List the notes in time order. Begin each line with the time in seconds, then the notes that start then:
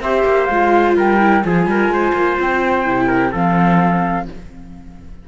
0.00 C4 G4 C5 E5
0.25 A#3
0.46 G#3 F4 F5
0.97 G3 A#4 G5
1.20 E4
1.44 F3 F4 G#4 G#5
1.67 G3 A#4
1.89 G#3 C5
2.13 A#3
2.40 C4 G5
2.86 C3 E4
3.07 A#4
3.32 F3 C4 A4 F5